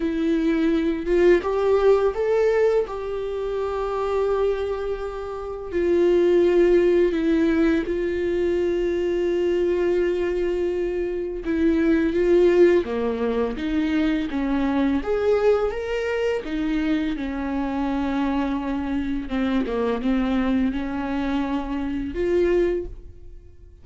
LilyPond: \new Staff \with { instrumentName = "viola" } { \time 4/4 \tempo 4 = 84 e'4. f'8 g'4 a'4 | g'1 | f'2 e'4 f'4~ | f'1 |
e'4 f'4 ais4 dis'4 | cis'4 gis'4 ais'4 dis'4 | cis'2. c'8 ais8 | c'4 cis'2 f'4 | }